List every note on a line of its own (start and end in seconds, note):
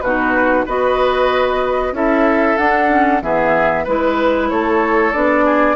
0.00 0.66 B2
0.00 0.67 D#4
0.00 0.65 F#4
0.00 0.64 B4
0.65 1.92 B3
0.65 1.93 F#4
0.65 1.93 B4
0.65 1.95 D#5
1.92 2.55 C#4
1.92 2.57 E4
1.92 3.23 A4
1.92 2.57 E5
2.57 3.22 D4
2.57 2.88 D4
2.57 3.21 F#5
2.88 3.20 C#4
3.22 3.86 E3
3.22 3.86 B3
3.22 3.84 G#4
3.22 3.86 E5
3.84 4.51 G#3
3.84 5.13 E4
3.84 4.48 B4
3.84 4.49 B4
4.49 5.14 A3
4.49 5.45 A4
4.49 5.12 C#5
5.12 5.75 B3
5.12 5.75 D4
5.12 5.75 D5
5.45 5.75 G#4